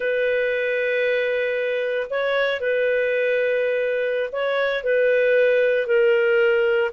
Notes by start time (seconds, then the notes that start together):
0.00 B4
2.09 C#5
2.60 B4
4.31 C#5
4.83 B4
5.86 A#4